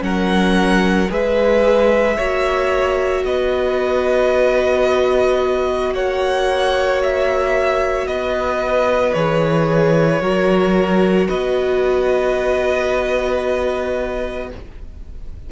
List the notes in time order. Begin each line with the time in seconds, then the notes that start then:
0.00 F#3 C#4 A#4 F#5
1.09 G#3 G#4 B4 E5
2.17 A#3 F#4 C#5
3.24 B3 B4 D#5
5.92 A#3 C#5 F#5
7.03 E5
8.06 B3 B4 D#5
9.13 E3 G#4 C#5
10.21 F#3 F#4 A#4
11.28 B3 B4 D#5